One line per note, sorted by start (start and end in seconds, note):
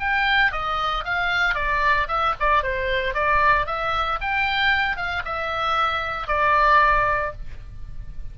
0.00 0.52 G5
0.52 1.04 D#5
1.05 1.55 F5
1.55 2.07 D5
2.08 2.34 E5
2.40 2.63 D5
2.63 3.14 C5
3.14 3.66 D5
3.66 4.19 E5
4.21 4.96 G5
4.96 5.23 F5
5.25 6.28 E5
6.28 7.33 D5